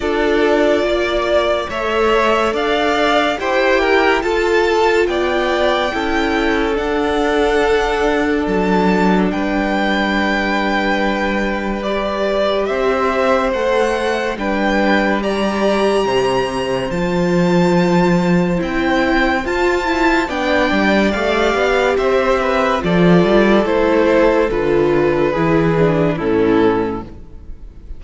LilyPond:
<<
  \new Staff \with { instrumentName = "violin" } { \time 4/4 \tempo 4 = 71 d''2 e''4 f''4 | g''4 a''4 g''2 | fis''2 a''4 g''4~ | g''2 d''4 e''4 |
fis''4 g''4 ais''2 | a''2 g''4 a''4 | g''4 f''4 e''4 d''4 | c''4 b'2 a'4 | }
  \new Staff \with { instrumentName = "violin" } { \time 4/4 a'4 d''4 cis''4 d''4 | c''8 ais'8 a'4 d''4 a'4~ | a'2. b'4~ | b'2. c''4~ |
c''4 b'4 d''4 c''4~ | c''1 | d''2 c''8 b'8 a'4~ | a'2 gis'4 e'4 | }
  \new Staff \with { instrumentName = "viola" } { \time 4/4 f'2 a'2 | g'4 f'2 e'4 | d'1~ | d'2 g'2 |
a'4 d'4 g'2 | f'2 e'4 f'8 e'8 | d'4 g'2 f'4 | e'4 f'4 e'8 d'8 cis'4 | }
  \new Staff \with { instrumentName = "cello" } { \time 4/4 d'4 ais4 a4 d'4 | e'4 f'4 b4 cis'4 | d'2 fis4 g4~ | g2. c'4 |
a4 g2 c4 | f2 c'4 f'4 | b8 g8 a8 b8 c'4 f8 g8 | a4 d4 e4 a,4 | }
>>